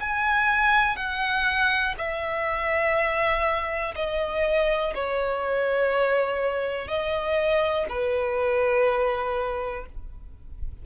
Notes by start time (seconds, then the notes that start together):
0.00 G#5
0.96 F#5
1.98 E5
3.95 D#5
4.94 C#5
6.88 D#5
7.89 B4